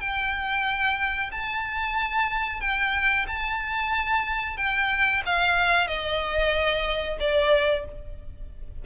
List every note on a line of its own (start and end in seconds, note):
0.00 1.30 G5
1.31 2.60 A5
2.60 3.25 G5
3.27 4.57 A5
4.57 5.22 G5
5.26 5.87 F5
5.87 7.18 D#5
7.20 7.85 D5